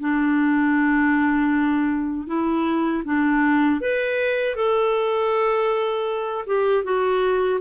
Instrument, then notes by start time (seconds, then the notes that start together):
clarinet
0.00 D4
2.27 E4
3.05 D4
3.80 B4
4.55 A4
6.46 G4
6.84 F#4